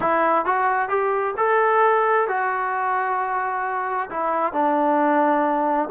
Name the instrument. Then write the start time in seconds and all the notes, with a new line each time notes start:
trombone
0.00 E4
0.45 F#4
0.88 G4
1.37 A4
2.27 F#4
4.10 E4
4.52 D4